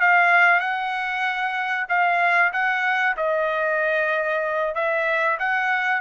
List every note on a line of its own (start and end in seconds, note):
0.00 0.60 F5
0.60 1.86 F#5
1.89 2.52 F5
2.53 3.16 F#5
3.17 4.75 D#5
4.75 5.38 E5
5.39 6.01 F#5